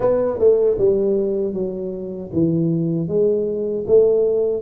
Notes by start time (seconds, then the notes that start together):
0.00 B3
0.38 A3
0.78 G3
1.53 F#3
2.33 E3
3.08 G#3
3.87 A3